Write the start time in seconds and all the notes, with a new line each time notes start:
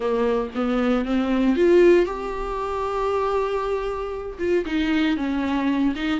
0.00 A#3
0.54 B3
1.05 C4
1.56 F4
2.05 G4
4.38 F4
4.65 D#4
5.16 C#4
5.95 D#4